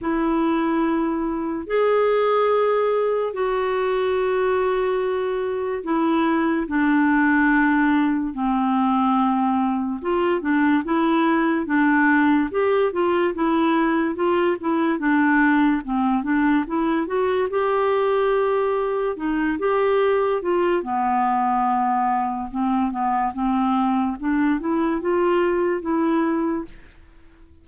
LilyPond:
\new Staff \with { instrumentName = "clarinet" } { \time 4/4 \tempo 4 = 72 e'2 gis'2 | fis'2. e'4 | d'2 c'2 | f'8 d'8 e'4 d'4 g'8 f'8 |
e'4 f'8 e'8 d'4 c'8 d'8 | e'8 fis'8 g'2 dis'8 g'8~ | g'8 f'8 b2 c'8 b8 | c'4 d'8 e'8 f'4 e'4 | }